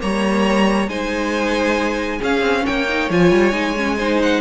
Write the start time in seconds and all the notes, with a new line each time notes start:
0.00 G3 A#3 C#5 A#5
0.88 G#3 D#4 C5 G#5
2.19 C#4 G#4 F5
2.41 C4
2.66 A#3 C#5 G5
2.89 D#4
3.10 F3 F4 G#5
3.31 G3
3.52 G#3 D#4
3.76 C#4
3.98 D#4 C5
4.22 F#5